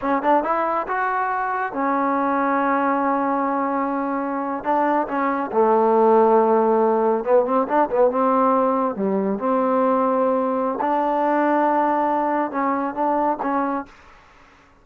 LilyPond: \new Staff \with { instrumentName = "trombone" } { \time 4/4 \tempo 4 = 139 cis'8 d'8 e'4 fis'2 | cis'1~ | cis'2~ cis'8. d'4 cis'16~ | cis'8. a2.~ a16~ |
a8. b8 c'8 d'8 b8 c'4~ c'16~ | c'8. g4 c'2~ c'16~ | c'4 d'2.~ | d'4 cis'4 d'4 cis'4 | }